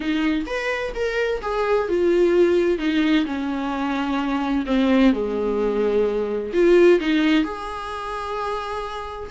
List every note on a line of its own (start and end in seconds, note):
0.00 0.45 D#4
0.46 0.92 B4
0.95 1.41 A#4
1.41 1.88 G#4
1.88 2.78 F4
2.78 3.25 D#4
3.25 4.65 C#4
4.66 5.12 C4
5.13 6.52 G#3
6.53 6.99 F4
6.99 7.44 D#4
7.44 9.30 G#4